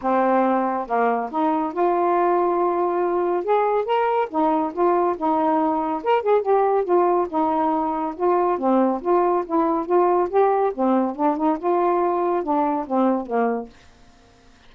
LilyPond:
\new Staff \with { instrumentName = "saxophone" } { \time 4/4 \tempo 4 = 140 c'2 ais4 dis'4 | f'1 | gis'4 ais'4 dis'4 f'4 | dis'2 ais'8 gis'8 g'4 |
f'4 dis'2 f'4 | c'4 f'4 e'4 f'4 | g'4 c'4 d'8 dis'8 f'4~ | f'4 d'4 c'4 ais4 | }